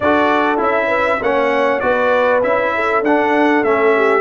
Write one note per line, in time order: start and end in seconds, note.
0.00 0.59 D4
0.00 0.57 F#4
0.00 0.86 A4
0.00 0.59 D5
0.57 1.20 C#4
0.57 1.18 E4
0.57 1.22 E5
0.86 1.17 B4
1.21 1.81 A#3
1.21 1.81 C#4
1.21 1.83 C#5
1.21 1.80 F#5
1.80 2.43 B3
1.80 2.41 F#4
1.80 2.74 B4
1.80 2.40 D5
2.42 3.02 C#4
2.42 3.03 E4
2.42 3.03 E5
2.75 3.95 A4
3.02 3.62 D4
3.02 3.65 D4
3.02 3.64 F#5
3.63 4.20 A3
3.63 4.20 C#4
3.63 4.20 E5
3.95 4.20 G4